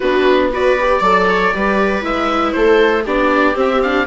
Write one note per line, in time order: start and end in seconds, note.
0.00 1.00 B3
0.00 0.52 D4
0.00 0.50 F#4
0.00 0.48 B4
0.52 0.78 F#4
0.52 0.99 B4
0.52 2.04 D5
0.79 1.02 G4
0.99 1.51 F#3
0.99 1.52 A4
0.99 1.24 D5
1.29 1.54 C#5
1.52 2.02 G3
1.52 2.01 G4
1.52 2.56 B4
2.01 2.53 G#3
2.01 3.02 E4
2.01 2.52 E5
2.52 3.06 A3
2.52 3.04 A4
2.52 3.03 C5
3.04 3.55 B3
3.04 3.54 D4
3.04 4.06 G4
3.04 3.57 D5
3.54 3.80 C4
3.54 4.06 C4
3.54 3.81 E5
3.81 4.06 D4
3.81 4.06 F5